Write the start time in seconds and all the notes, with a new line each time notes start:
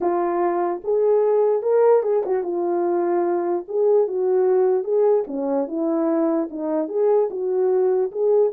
0.00 F4
0.84 G#4
1.62 A#4
2.02 G#4
2.25 F#4
2.43 F4
3.68 G#4
4.07 F#4
4.84 G#4
5.27 C#4
5.67 E4
6.50 D#4
6.88 G#4
7.30 F#4
8.11 G#4